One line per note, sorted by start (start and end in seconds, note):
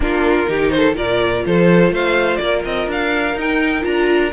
0.00 0.48 A#3
0.00 0.45 D4
0.00 0.49 F4
0.00 0.70 A#4
0.47 0.96 D#3
0.47 0.93 D#4
0.47 0.73 G4
0.70 0.94 C5
0.76 0.96 A4
0.93 1.45 A#2
0.93 3.33 F4
0.93 1.44 A#4
0.93 1.45 D5
1.45 1.90 F3
1.45 1.92 A4
1.45 1.93 C5
1.90 2.38 A3
1.90 2.40 C5
1.90 2.36 F5
2.36 2.64 A#3
2.36 4.32 A#4
2.36 2.60 D5
2.64 2.86 C4
2.64 2.88 D#5
2.86 3.34 D4
2.86 3.39 F5
3.35 3.83 D#4
3.35 3.82 D#4
3.35 3.84 G5
3.82 4.32 D4
3.82 4.30 F4
3.82 4.32 A#5